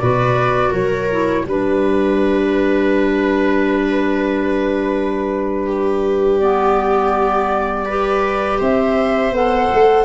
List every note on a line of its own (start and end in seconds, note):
0.00 0.72 B2
0.00 1.11 F#4
0.00 0.71 B4
0.00 0.73 D5
0.71 1.45 F#3
0.71 1.44 A#4
0.71 1.47 C#5
1.11 1.48 E4
1.46 8.59 G3
1.46 6.42 D4
1.46 6.40 B4
1.46 5.66 B4
5.66 7.86 G4
6.40 7.88 B3
6.40 8.60 D5
7.86 9.34 G4
7.86 8.59 B4
8.59 9.32 C4
8.59 10.05 C5
8.59 9.35 E5
9.32 9.69 B3
9.32 10.05 A4
9.32 10.05 F#5
9.73 10.05 A3